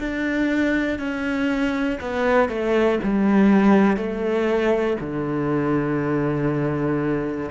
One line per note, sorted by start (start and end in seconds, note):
0.00 1.00 D4
1.00 2.00 C#4
2.01 2.50 B3
2.50 3.00 A3
3.04 3.97 G3
3.97 4.97 A3
5.01 7.51 D3